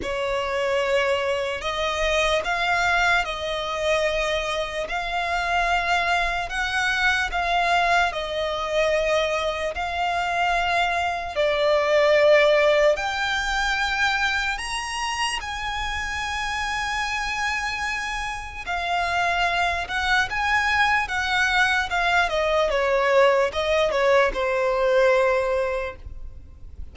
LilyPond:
\new Staff \with { instrumentName = "violin" } { \time 4/4 \tempo 4 = 74 cis''2 dis''4 f''4 | dis''2 f''2 | fis''4 f''4 dis''2 | f''2 d''2 |
g''2 ais''4 gis''4~ | gis''2. f''4~ | f''8 fis''8 gis''4 fis''4 f''8 dis''8 | cis''4 dis''8 cis''8 c''2 | }